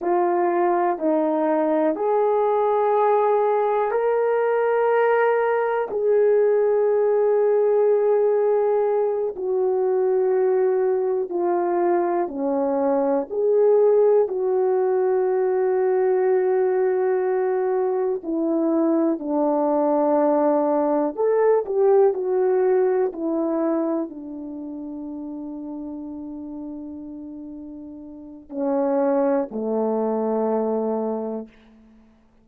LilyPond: \new Staff \with { instrumentName = "horn" } { \time 4/4 \tempo 4 = 61 f'4 dis'4 gis'2 | ais'2 gis'2~ | gis'4. fis'2 f'8~ | f'8 cis'4 gis'4 fis'4.~ |
fis'2~ fis'8 e'4 d'8~ | d'4. a'8 g'8 fis'4 e'8~ | e'8 d'2.~ d'8~ | d'4 cis'4 a2 | }